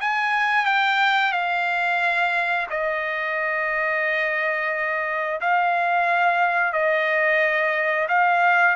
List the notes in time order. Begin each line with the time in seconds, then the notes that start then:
0.00 G#5
0.65 G5
1.31 F5
2.70 D#5
5.41 F5
6.72 D#5
8.08 F5